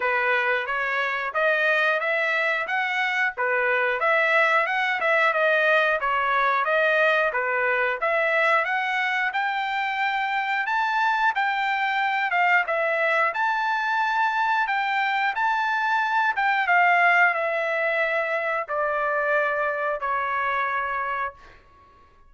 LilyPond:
\new Staff \with { instrumentName = "trumpet" } { \time 4/4 \tempo 4 = 90 b'4 cis''4 dis''4 e''4 | fis''4 b'4 e''4 fis''8 e''8 | dis''4 cis''4 dis''4 b'4 | e''4 fis''4 g''2 |
a''4 g''4. f''8 e''4 | a''2 g''4 a''4~ | a''8 g''8 f''4 e''2 | d''2 cis''2 | }